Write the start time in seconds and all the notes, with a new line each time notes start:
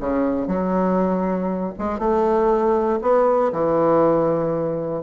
0.00 C#3
0.47 F#3
1.79 G#3
1.99 A3
3.02 B3
3.52 E3